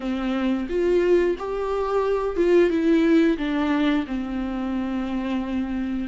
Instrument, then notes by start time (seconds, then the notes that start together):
viola
0.00 C4
0.69 F4
1.38 G4
2.36 F4
2.70 E4
3.37 D4
4.06 C4